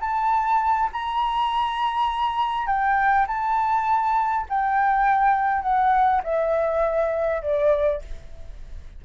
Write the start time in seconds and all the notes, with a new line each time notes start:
0.00 A5
0.92 A#5
2.66 G5
3.27 A5
4.49 G5
5.62 F#5
6.23 E5
7.42 D5